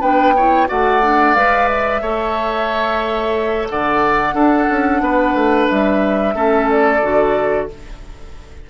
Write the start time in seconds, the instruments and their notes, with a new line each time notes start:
0.00 bassoon B3, clarinet D4, oboe B4, flute G5
0.36 clarinet E4, oboe C#5
0.67 bassoon A3, clarinet F#4, oboe D5, flute F#5
1.02 clarinet D4
1.35 bassoon G#3, clarinet B4, flute F5
1.68 flute E5
2.01 bassoon A3, clarinet A4, oboe C#5
3.69 bassoon D3, oboe D5, flute F#5
4.33 bassoon D4, clarinet D4, oboe A4
4.70 bassoon C#4
5.00 bassoon B3, oboe B4
5.34 bassoon A3
5.69 bassoon G3, flute E5
6.34 bassoon A3, clarinet C#4, oboe A4
6.70 flute D5
7.02 bassoon D3, clarinet F#4